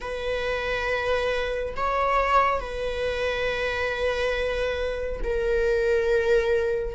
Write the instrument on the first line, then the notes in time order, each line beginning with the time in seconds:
viola
0.00 B4
1.76 C#5
2.60 B4
5.23 A#4